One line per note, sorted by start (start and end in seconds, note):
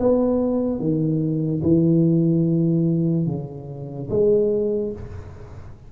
0.00 0.80 B3
0.80 1.62 D#3
1.63 3.27 E3
3.27 4.09 C#3
4.10 4.92 G#3